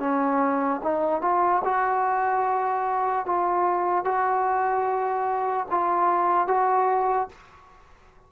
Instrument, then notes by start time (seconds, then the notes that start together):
trombone
0.00 C#4
0.84 D#4
1.22 F4
1.65 F#4
3.27 F4
4.05 F#4
5.71 F4
6.48 F#4